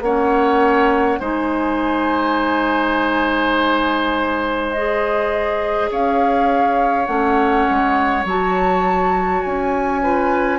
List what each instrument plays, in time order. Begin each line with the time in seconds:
0.00 bassoon A#3, clarinet C#4, oboe C#5, flute F#5
1.19 bassoon G#3, clarinet D#4, oboe C5, flute G#5
4.71 clarinet G#4, flute D#5
5.90 bassoon C#4, oboe C#5, flute F5
7.05 bassoon A3, clarinet C#4, flute F#5
7.70 bassoon G#3
8.24 bassoon F#3, clarinet F#4, flute A5
9.41 bassoon C#4, flute G#5
10.02 clarinet F4, oboe B4